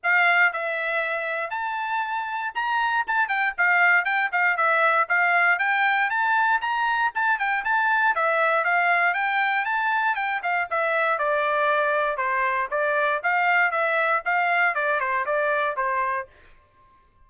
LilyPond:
\new Staff \with { instrumentName = "trumpet" } { \time 4/4 \tempo 4 = 118 f''4 e''2 a''4~ | a''4 ais''4 a''8 g''8 f''4 | g''8 f''8 e''4 f''4 g''4 | a''4 ais''4 a''8 g''8 a''4 |
e''4 f''4 g''4 a''4 | g''8 f''8 e''4 d''2 | c''4 d''4 f''4 e''4 | f''4 d''8 c''8 d''4 c''4 | }